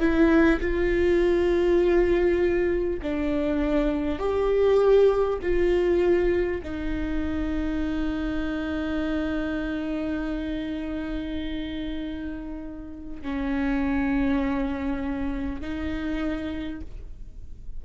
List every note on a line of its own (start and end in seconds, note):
0.00 0.60 E4
0.61 3.01 F4
3.03 4.19 D4
4.19 5.39 G4
5.42 6.62 F4
6.63 13.23 D#4
13.23 15.61 C#4
15.61 16.81 D#4